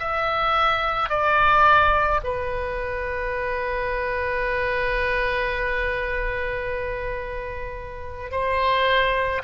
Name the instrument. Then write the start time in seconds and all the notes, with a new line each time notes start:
oboe
0.00 E5
1.10 D5
2.24 B4
8.31 C5